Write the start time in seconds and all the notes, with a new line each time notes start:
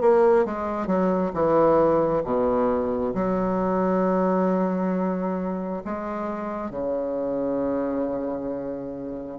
0.00 A#3
0.45 G#3
0.86 F#3
1.33 E3
2.23 B2
3.14 F#3
5.85 G#3
6.70 C#3